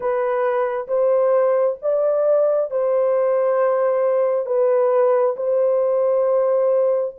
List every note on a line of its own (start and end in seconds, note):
0.00 0.87 B4
0.87 1.77 C5
1.82 2.70 D5
2.70 4.46 C5
4.46 5.35 B4
5.36 7.15 C5